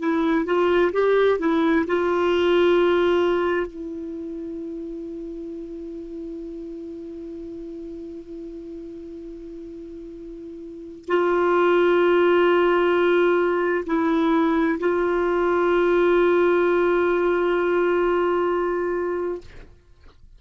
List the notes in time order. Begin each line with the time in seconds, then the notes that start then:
0.00 E4
0.46 F4
0.93 G4
1.40 E4
1.88 F4
3.67 E4
11.08 F4
13.87 E4
14.80 F4